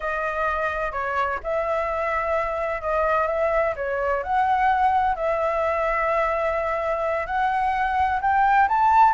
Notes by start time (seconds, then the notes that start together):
0.00 D#5
0.92 C#5
1.43 E5
2.81 D#5
3.27 E5
3.76 C#5
4.23 F#5
5.15 E5
7.26 F#5
8.21 G5
8.68 A5